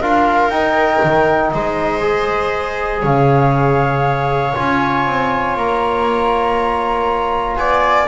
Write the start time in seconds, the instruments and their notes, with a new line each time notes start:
0.00 double bass D4, trombone F4, viola A#4, flute F5
0.48 double bass D#4, trombone D#4, flute G5
1.03 double bass D#3
1.50 double bass G#3, viola C5, flute D#5
2.00 trombone G#4
3.02 double bass C#3, viola C#5, flute F5
4.54 double bass C#4, trombone F4, flute G#5
5.06 double bass C4
5.56 double bass A#3, flute A#5
7.56 double bass B3, viola D5, flute G#5